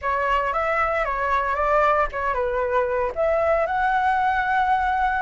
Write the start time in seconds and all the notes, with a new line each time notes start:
0.01 C#5
0.53 E5
1.04 C#5
1.55 D5
2.12 C#5
2.33 B4
3.15 E5
3.66 F#5